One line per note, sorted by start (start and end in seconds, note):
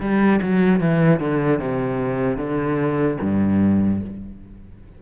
0.00 0.40 G3
0.42 0.80 F#3
0.80 1.20 E3
1.20 1.59 D3
1.59 2.37 C3
2.37 3.17 D3
3.21 4.01 G2